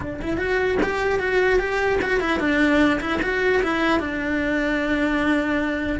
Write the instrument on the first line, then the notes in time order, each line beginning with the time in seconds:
cello
0.00 D4
0.21 E4
0.37 F#4
0.82 G4
1.19 F#4
1.59 G4
2.01 F#4
2.20 E4
2.39 D4
3.00 E4
3.22 F#4
3.63 E4
3.99 D4